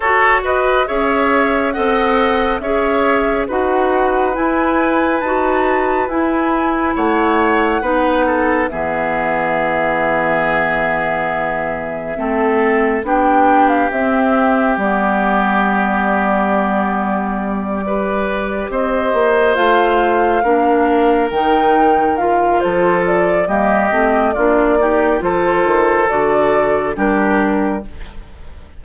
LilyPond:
<<
  \new Staff \with { instrumentName = "flute" } { \time 4/4 \tempo 4 = 69 cis''8 dis''8 e''4 fis''4 e''4 | fis''4 gis''4 a''4 gis''4 | fis''2 e''2~ | e''2. g''8. f''16 |
e''4 d''2.~ | d''4. dis''4 f''4.~ | f''8 g''4 f''8 c''8 d''8 dis''4 | d''4 c''4 d''4 ais'4 | }
  \new Staff \with { instrumentName = "oboe" } { \time 4/4 a'8 b'8 cis''4 dis''4 cis''4 | b'1 | cis''4 b'8 a'8 gis'2~ | gis'2 a'4 g'4~ |
g'1~ | g'8 b'4 c''2 ais'8~ | ais'2 a'4 g'4 | f'8 g'8 a'2 g'4 | }
  \new Staff \with { instrumentName = "clarinet" } { \time 4/4 fis'4 gis'4 a'4 gis'4 | fis'4 e'4 fis'4 e'4~ | e'4 dis'4 b2~ | b2 c'4 d'4 |
c'4 b2.~ | b8 g'2 f'4 d'8~ | d'8 dis'4 f'4. ais8 c'8 | d'8 dis'8 f'4 fis'4 d'4 | }
  \new Staff \with { instrumentName = "bassoon" } { \time 4/4 fis'4 cis'4 c'4 cis'4 | dis'4 e'4 dis'4 e'4 | a4 b4 e2~ | e2 a4 b4 |
c'4 g2.~ | g4. c'8 ais8 a4 ais8~ | ais8 dis4. f4 g8 a8 | ais4 f8 dis8 d4 g4 | }
>>